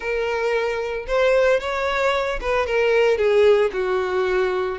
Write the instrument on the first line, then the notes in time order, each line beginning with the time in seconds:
violin
0.00 A#4
1.07 C5
1.59 C#5
2.40 B4
2.66 A#4
3.17 G#4
3.72 F#4